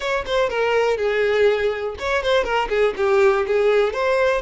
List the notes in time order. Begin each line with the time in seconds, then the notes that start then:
0.00 C#5
0.26 C5
0.49 A#4
0.97 G#4
1.99 C#5
2.22 C5
2.43 A#4
2.69 G#4
2.96 G4
3.46 G#4
3.93 C5